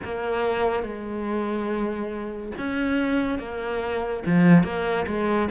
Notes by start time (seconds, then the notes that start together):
0.04 A#3
0.83 G#3
2.58 C#4
3.38 A#3
4.26 F3
4.63 A#3
5.06 G#3